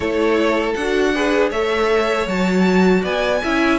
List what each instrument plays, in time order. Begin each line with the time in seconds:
0.00 cello A3, viola E4, violin A4 C#5
0.74 cello D4, violin F#5
0.80 viola F#4
1.14 viola G#4, violin B4
1.49 cello A3, viola A4, violin C#5 E5
2.27 cello F#3, viola F#4, violin A5
3.02 cello B3, violin D5 G#5
3.43 cello C#4, viola E4, violin E5